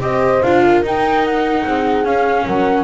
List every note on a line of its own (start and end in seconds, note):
0.00 0.41 C4
0.00 0.41 G4
0.00 0.63 C5
0.00 0.42 D#5
0.42 0.82 D4
0.42 0.84 F4
0.42 0.83 F5
0.63 1.64 A#4
0.82 1.63 D#4
0.82 2.04 D#4
0.82 1.25 G5
1.25 2.05 F#5
1.65 2.04 C4
1.65 2.45 G#4
2.04 2.45 C#4
2.04 2.84 C#4
2.04 2.46 F5
2.45 2.84 F#3
2.45 2.84 A#4
2.45 2.84 F#5